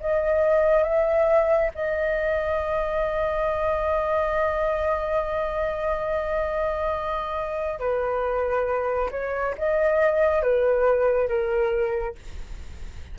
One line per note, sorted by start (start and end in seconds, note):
0.00 0.83 D#5
0.83 1.70 E5
1.75 7.79 D#5
7.79 9.09 B4
9.11 9.54 C#5
9.57 10.42 D#5
10.42 11.28 B4
11.28 12.15 A#4